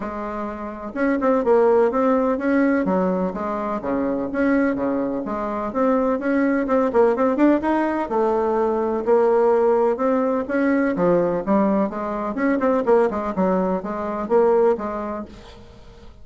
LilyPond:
\new Staff \with { instrumentName = "bassoon" } { \time 4/4 \tempo 4 = 126 gis2 cis'8 c'8 ais4 | c'4 cis'4 fis4 gis4 | cis4 cis'4 cis4 gis4 | c'4 cis'4 c'8 ais8 c'8 d'8 |
dis'4 a2 ais4~ | ais4 c'4 cis'4 f4 | g4 gis4 cis'8 c'8 ais8 gis8 | fis4 gis4 ais4 gis4 | }